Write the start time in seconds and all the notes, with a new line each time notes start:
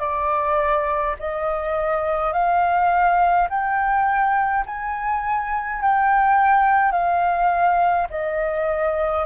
0.00 D5
1.20 D#5
2.33 F5
3.50 G5
4.66 G#5
5.82 G5
6.92 F5
8.10 D#5